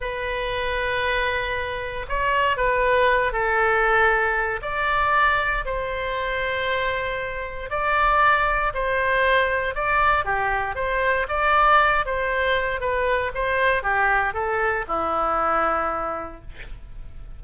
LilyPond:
\new Staff \with { instrumentName = "oboe" } { \time 4/4 \tempo 4 = 117 b'1 | cis''4 b'4. a'4.~ | a'4 d''2 c''4~ | c''2. d''4~ |
d''4 c''2 d''4 | g'4 c''4 d''4. c''8~ | c''4 b'4 c''4 g'4 | a'4 e'2. | }